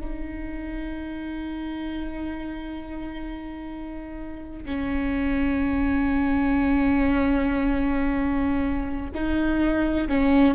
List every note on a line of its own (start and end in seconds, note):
0.00 4.65 D#4
4.65 9.10 C#4
9.14 10.08 D#4
10.08 10.54 C#4